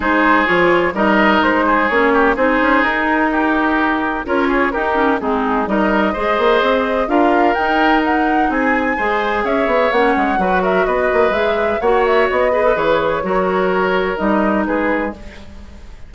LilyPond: <<
  \new Staff \with { instrumentName = "flute" } { \time 4/4 \tempo 4 = 127 c''4 cis''4 dis''4 c''4 | cis''4 c''4 ais'2~ | ais'4 cis''4 ais'4 gis'4 | dis''2. f''4 |
g''4 fis''4 gis''2 | e''4 fis''4. e''8 dis''4 | e''4 fis''8 e''8 dis''4 cis''4~ | cis''2 dis''4 b'4 | }
  \new Staff \with { instrumentName = "oboe" } { \time 4/4 gis'2 ais'4. gis'8~ | gis'8 g'8 gis'2 g'4~ | g'4 ais'8 gis'8 g'4 dis'4 | ais'4 c''2 ais'4~ |
ais'2 gis'4 c''4 | cis''2 b'8 ais'8 b'4~ | b'4 cis''4. b'4. | ais'2. gis'4 | }
  \new Staff \with { instrumentName = "clarinet" } { \time 4/4 dis'4 f'4 dis'2 | cis'4 dis'2.~ | dis'4 f'4 dis'8 cis'8 c'4 | dis'4 gis'2 f'4 |
dis'2. gis'4~ | gis'4 cis'4 fis'2 | gis'4 fis'4. gis'16 a'16 gis'4 | fis'2 dis'2 | }
  \new Staff \with { instrumentName = "bassoon" } { \time 4/4 gis4 f4 g4 gis4 | ais4 c'8 cis'8 dis'2~ | dis'4 cis'4 dis'4 gis4 | g4 gis8 ais8 c'4 d'4 |
dis'2 c'4 gis4 | cis'8 b8 ais8 gis8 fis4 b8 ais8 | gis4 ais4 b4 e4 | fis2 g4 gis4 | }
>>